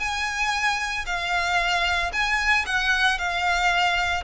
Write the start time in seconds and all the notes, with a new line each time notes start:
0.00 G#5
1.06 F5
2.13 G#5
2.66 F#5
3.19 F5